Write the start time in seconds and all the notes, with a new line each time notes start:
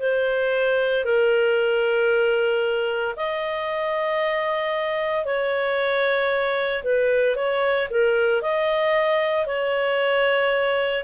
0.00 C5
1.05 A#4
3.17 D#5
5.25 C#5
6.84 B4
7.36 C#5
7.90 A#4
8.42 D#5
9.47 C#5